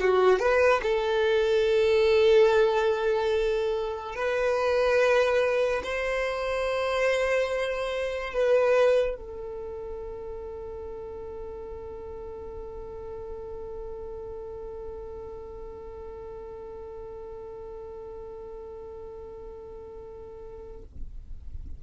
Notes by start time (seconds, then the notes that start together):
0.00 F#4
0.39 B4
0.82 A4
4.15 B4
5.83 C5
8.33 B4
9.16 A4